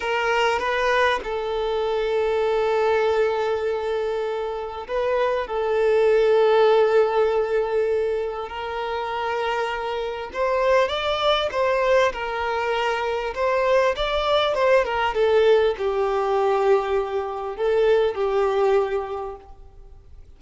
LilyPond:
\new Staff \with { instrumentName = "violin" } { \time 4/4 \tempo 4 = 99 ais'4 b'4 a'2~ | a'1 | b'4 a'2.~ | a'2 ais'2~ |
ais'4 c''4 d''4 c''4 | ais'2 c''4 d''4 | c''8 ais'8 a'4 g'2~ | g'4 a'4 g'2 | }